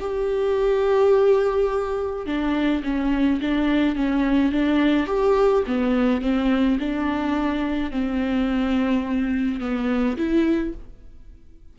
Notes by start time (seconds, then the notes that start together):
0.00 G4
2.26 D4
2.84 C#4
3.41 D4
3.95 C#4
4.52 D4
5.07 G4
5.67 B3
6.21 C4
6.79 D4
7.91 C4
9.60 B3
10.17 E4